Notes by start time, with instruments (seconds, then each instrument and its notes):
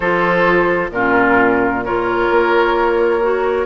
0.00 bassoon F3, clarinet F4, oboe A4, flute C5
0.90 bassoon A#2, clarinet C#4, oboe F4, flute A#4
1.84 clarinet F4, oboe A#4, flute C#5
2.30 bassoon A#3
3.21 clarinet F#4